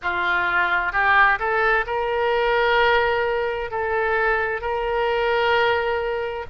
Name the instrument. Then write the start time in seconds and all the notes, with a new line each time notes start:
oboe
0.02 F4
0.92 G4
1.38 A4
1.86 A#4
3.70 A4
4.61 A#4